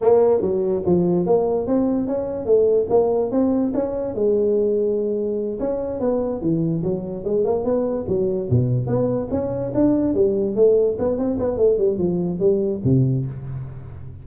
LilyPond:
\new Staff \with { instrumentName = "tuba" } { \time 4/4 \tempo 4 = 145 ais4 fis4 f4 ais4 | c'4 cis'4 a4 ais4 | c'4 cis'4 gis2~ | gis4. cis'4 b4 e8~ |
e8 fis4 gis8 ais8 b4 fis8~ | fis8 b,4 b4 cis'4 d'8~ | d'8 g4 a4 b8 c'8 b8 | a8 g8 f4 g4 c4 | }